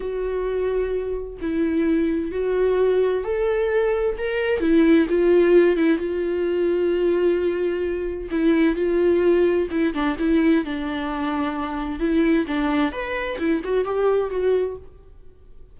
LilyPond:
\new Staff \with { instrumentName = "viola" } { \time 4/4 \tempo 4 = 130 fis'2. e'4~ | e'4 fis'2 a'4~ | a'4 ais'4 e'4 f'4~ | f'8 e'8 f'2.~ |
f'2 e'4 f'4~ | f'4 e'8 d'8 e'4 d'4~ | d'2 e'4 d'4 | b'4 e'8 fis'8 g'4 fis'4 | }